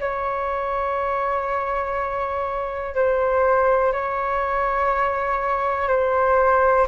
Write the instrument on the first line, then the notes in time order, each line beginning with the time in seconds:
flute
0.00 C#5
2.95 C5
3.93 C#5
5.88 C5